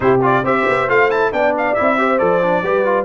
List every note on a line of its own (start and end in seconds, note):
0.00 0.44 C3
0.00 0.19 E4
0.00 0.44 G4
0.00 0.20 C5
0.21 0.43 F4
0.21 0.45 D5
0.44 0.66 C4
0.44 0.88 G4
0.44 1.32 C5
0.44 0.89 E5
0.68 0.88 B3
0.88 1.32 A3
0.88 1.09 F4
0.88 1.10 F5
1.09 1.32 E4
1.09 1.32 A5
1.32 1.76 B3
1.32 1.76 D4
1.32 1.99 D5
1.32 1.54 G5
1.57 1.74 F5
1.74 2.20 C4
1.74 1.98 E4
1.74 2.18 E5
1.98 2.19 G4
1.98 2.63 C5
2.18 2.62 F3
2.18 2.41 A4
2.18 3.05 D5
2.42 2.63 D4
2.62 3.05 G3
2.62 2.85 G4
2.62 3.05 B4
2.85 3.05 F4